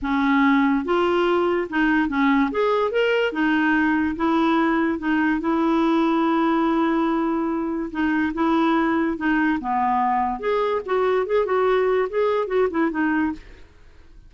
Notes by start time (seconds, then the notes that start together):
0.02 C#4
0.84 F4
1.69 D#4
2.08 C#4
2.51 G#4
2.91 A#4
3.32 D#4
4.16 E4
4.98 D#4
5.40 E4
7.91 D#4
8.34 E4
9.17 D#4
9.60 B3
10.39 G#4
10.85 F#4
11.26 G#4
11.45 F#4
12.09 G#4
12.47 F#4
12.70 E4
12.90 D#4